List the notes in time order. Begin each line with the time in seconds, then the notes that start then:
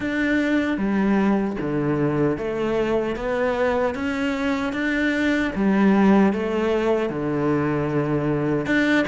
0.00 D4
0.77 G3
1.60 D3
2.37 A3
3.16 B3
3.94 C#4
4.72 D4
5.55 G3
6.32 A3
7.09 D3
8.66 D4